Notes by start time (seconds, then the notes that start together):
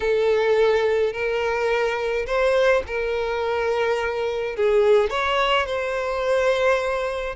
0.00 A4
1.12 A#4
2.26 C5
2.86 A#4
4.55 G#4
5.10 C#5
5.66 C5